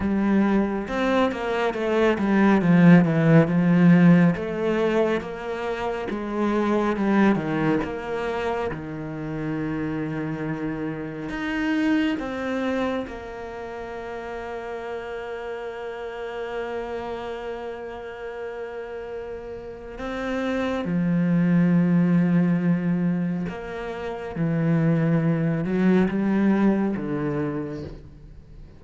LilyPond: \new Staff \with { instrumentName = "cello" } { \time 4/4 \tempo 4 = 69 g4 c'8 ais8 a8 g8 f8 e8 | f4 a4 ais4 gis4 | g8 dis8 ais4 dis2~ | dis4 dis'4 c'4 ais4~ |
ais1~ | ais2. c'4 | f2. ais4 | e4. fis8 g4 d4 | }